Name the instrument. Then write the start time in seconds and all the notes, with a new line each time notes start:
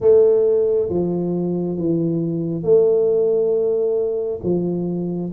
tuba
0.00 A3
0.89 F3
1.77 E3
2.63 A3
4.44 F3